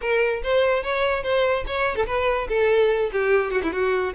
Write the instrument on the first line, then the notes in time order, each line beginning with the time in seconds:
violin
0.01 A#4
0.42 C5
0.83 C#5
1.23 C5
1.66 C#5
1.95 A4
2.06 B4
2.48 A4
3.12 G4
3.51 F#4
3.62 E4
3.72 F#4